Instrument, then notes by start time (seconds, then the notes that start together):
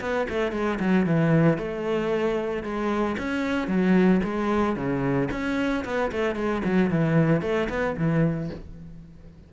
cello
0.00 B3
0.29 A3
0.52 G#3
0.79 F#3
1.05 E3
1.58 A3
2.63 G#3
3.17 C#4
3.67 F#3
4.23 G#3
4.75 C#3
5.31 C#4
5.84 B3
6.11 A3
6.35 G#3
6.64 F#3
6.90 E3
7.41 A3
7.69 B3
7.97 E3